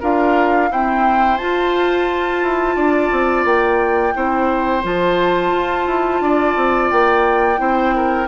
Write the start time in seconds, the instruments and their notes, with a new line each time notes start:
0.00 bassoon D4, clarinet F4, oboe A#4, flute F5
0.70 clarinet C4, bassoon E4, oboe C5, flute G5
1.37 clarinet F4, bassoon F4, flute A5
2.42 bassoon E4
2.75 bassoon D4, oboe D5
3.11 bassoon C4
3.44 bassoon A#3, flute G5
4.14 bassoon C4, clarinet E4, oboe C5
4.82 bassoon F3, clarinet F4, flute A5
5.52 bassoon F4
5.86 bassoon E4
6.20 bassoon D4, oboe D5
6.55 bassoon C4
6.90 bassoon A#3, flute G5
7.57 bassoon C4, clarinet E4, oboe C5
7.95 oboe A#4